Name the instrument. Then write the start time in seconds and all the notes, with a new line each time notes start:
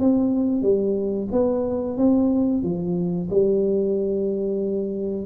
tuba
0.00 C4
0.63 G3
1.32 B3
1.98 C4
2.63 F3
3.31 G3